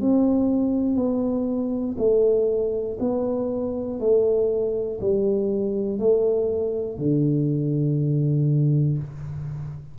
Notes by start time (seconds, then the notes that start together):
0.00 C4
0.95 B3
1.98 A3
2.99 B3
3.99 A3
5.00 G3
5.99 A3
6.98 D3